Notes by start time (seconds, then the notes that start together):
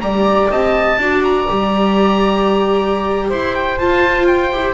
0.00 G3 G4 D5 A#5
0.50 C4 D#5 A5
0.98 D4 F#4 D5
1.24 A#5
1.48 G3 G4
3.29 E4 C5 C6
3.54 G5
3.78 F4 A5
4.26 G5
4.52 E4 G4